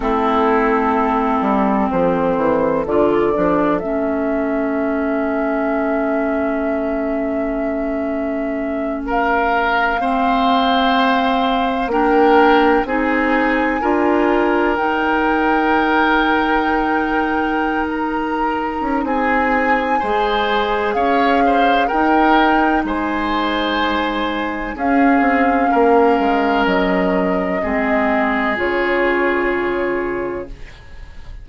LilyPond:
<<
  \new Staff \with { instrumentName = "flute" } { \time 4/4 \tempo 4 = 63 a'2 c''4 d''4 | e''1~ | e''4. f''2~ f''8~ | f''8 g''4 gis''2 g''8~ |
g''2~ g''8. ais''4~ ais''16 | gis''2 f''4 g''4 | gis''2 f''2 | dis''2 cis''2 | }
  \new Staff \with { instrumentName = "oboe" } { \time 4/4 e'2 a'2~ | a'1~ | a'4. ais'4 c''4.~ | c''8 ais'4 gis'4 ais'4.~ |
ais'1 | gis'4 c''4 cis''8 c''8 ais'4 | c''2 gis'4 ais'4~ | ais'4 gis'2. | }
  \new Staff \with { instrumentName = "clarinet" } { \time 4/4 c'2. f'8 d'8 | cis'1~ | cis'2~ cis'8 c'4.~ | c'8 d'4 dis'4 f'4 dis'8~ |
dis'1~ | dis'4 gis'2 dis'4~ | dis'2 cis'2~ | cis'4 c'4 f'2 | }
  \new Staff \with { instrumentName = "bassoon" } { \time 4/4 a4. g8 f8 e8 d8 f8 | a1~ | a1~ | a8 ais4 c'4 d'4 dis'8~ |
dis'2.~ dis'8. cis'16 | c'4 gis4 cis'4 dis'4 | gis2 cis'8 c'8 ais8 gis8 | fis4 gis4 cis2 | }
>>